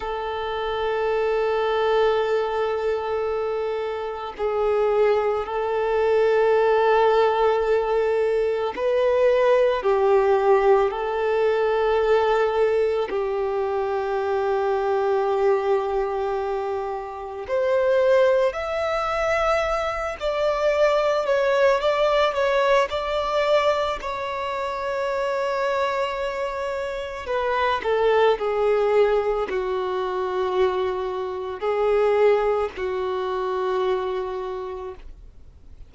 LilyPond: \new Staff \with { instrumentName = "violin" } { \time 4/4 \tempo 4 = 55 a'1 | gis'4 a'2. | b'4 g'4 a'2 | g'1 |
c''4 e''4. d''4 cis''8 | d''8 cis''8 d''4 cis''2~ | cis''4 b'8 a'8 gis'4 fis'4~ | fis'4 gis'4 fis'2 | }